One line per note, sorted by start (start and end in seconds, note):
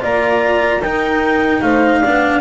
0.00 0.81 A#3
0.00 0.80 F4
0.00 0.82 D5
0.00 0.82 A#5
0.81 1.61 D#4
0.81 2.04 D#4
0.81 1.62 A#4
0.81 1.62 G5
1.62 2.02 A3
1.62 2.00 C5
1.62 2.41 F5
2.00 2.41 B3
2.00 2.41 D4
2.00 2.40 D5